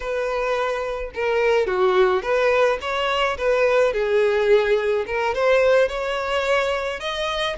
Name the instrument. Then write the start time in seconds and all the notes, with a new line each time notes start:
violin
0.00 B4
1.14 A#4
1.66 F#4
2.22 B4
2.81 C#5
3.37 B4
3.93 G#4
5.06 A#4
5.34 C5
5.88 C#5
7.00 D#5